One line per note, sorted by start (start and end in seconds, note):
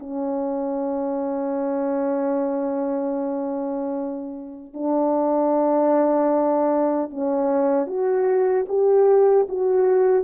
0.00 4.74 C#4
4.74 7.11 D4
7.11 7.87 C#4
7.87 8.66 F#4
8.68 9.47 G4
9.49 10.25 F#4